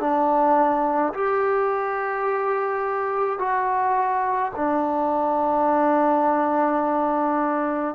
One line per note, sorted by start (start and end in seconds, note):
0.00 1.13 D4
1.14 3.39 G4
3.39 4.52 F#4
4.56 7.96 D4